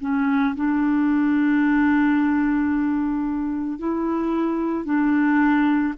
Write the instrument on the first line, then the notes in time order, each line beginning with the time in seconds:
clarinet
0.00 C#4
0.55 D4
3.78 E4
4.84 D4